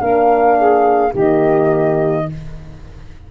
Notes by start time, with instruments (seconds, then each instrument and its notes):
0.00 tuba A#3, horn D4, saxophone A#4, flute F5
0.58 saxophone G#4
1.12 tuba D#3, horn A#3, saxophone G4, flute D#5